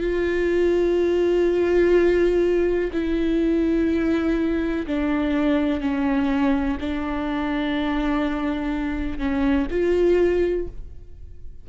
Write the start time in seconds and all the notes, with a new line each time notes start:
0.00 F4
2.92 E4
4.87 D4
5.80 C#4
6.80 D4
9.18 C#4
9.70 F4